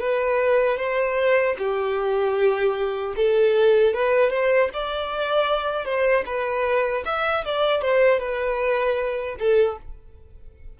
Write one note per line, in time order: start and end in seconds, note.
0.00 0.78 B4
0.78 1.55 C5
1.58 3.14 G4
3.16 3.94 A4
3.94 4.30 B4
4.30 4.69 C5
4.73 5.85 D5
5.85 6.24 C5
6.26 7.04 B4
7.06 7.45 E5
7.45 7.82 D5
7.82 8.19 C5
8.19 9.36 B4
9.39 9.78 A4